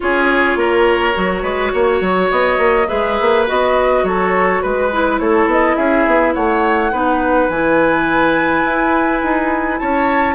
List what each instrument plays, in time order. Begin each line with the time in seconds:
0.00 bassoon C#4, clarinet F4, oboe G#4, flute C#5
0.56 bassoon A#3, oboe A#4
1.13 bassoon F#3, clarinet F#4
1.42 bassoon G#3, oboe B4
1.73 bassoon A#3, oboe C#5
2.00 bassoon F#3
2.31 bassoon B3, flute D#5
2.58 bassoon A#3
2.87 bassoon G#3, clarinet G#4, oboe B4, flute E5
3.21 bassoon A#3
3.46 bassoon B3, clarinet F#4, flute D#5
4.03 bassoon F#3, oboe A4, flute C#5
4.62 bassoon G#3, flute B4, oboe B4
4.91 clarinet E4
5.19 bassoon A3, oboe A4, flute C#5
5.46 bassoon B3, flute D#5
5.75 bassoon C#4, oboe G#4, flute E5
6.06 bassoon B3
6.34 bassoon A3, oboe C#5, flute F#5
6.91 bassoon B3, clarinet D#4, oboe B4
7.49 bassoon E3, clarinet E4, flute G#5
8.64 bassoon E4
9.22 bassoon D#4
9.78 bassoon C#4, oboe C#5, flute A5